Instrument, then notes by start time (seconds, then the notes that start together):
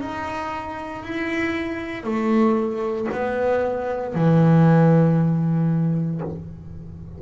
double bass
0.00 D#4
1.03 E4
2.04 A3
3.12 B3
4.14 E3